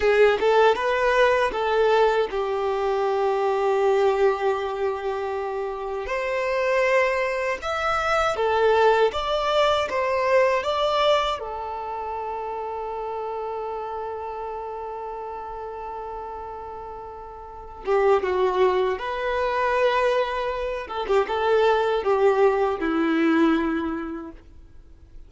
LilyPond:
\new Staff \with { instrumentName = "violin" } { \time 4/4 \tempo 4 = 79 gis'8 a'8 b'4 a'4 g'4~ | g'1 | c''2 e''4 a'4 | d''4 c''4 d''4 a'4~ |
a'1~ | a'2.~ a'8 g'8 | fis'4 b'2~ b'8 a'16 g'16 | a'4 g'4 e'2 | }